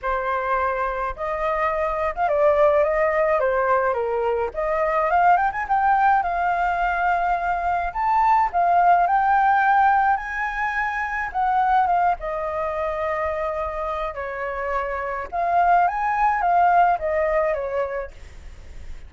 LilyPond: \new Staff \with { instrumentName = "flute" } { \time 4/4 \tempo 4 = 106 c''2 dis''4.~ dis''16 f''16 | d''4 dis''4 c''4 ais'4 | dis''4 f''8 g''16 gis''16 g''4 f''4~ | f''2 a''4 f''4 |
g''2 gis''2 | fis''4 f''8 dis''2~ dis''8~ | dis''4 cis''2 f''4 | gis''4 f''4 dis''4 cis''4 | }